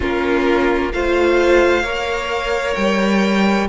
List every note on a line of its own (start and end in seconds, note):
0.00 0.93 A#3
0.00 0.92 C#4
0.00 0.92 F4
0.00 0.92 A#4
0.92 1.83 A3
0.92 1.83 F4
0.92 1.83 C5
0.92 2.75 F5
1.83 2.75 A#3
1.83 3.68 A#4
1.83 3.67 C#5
2.75 3.68 G3
2.75 3.67 G5